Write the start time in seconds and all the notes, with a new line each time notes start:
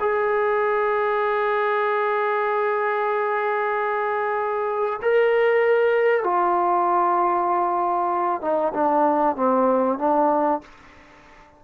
0.00 G#4
5.02 A#4
6.24 F4
8.42 D#4
8.74 D4
9.36 C4
9.99 D4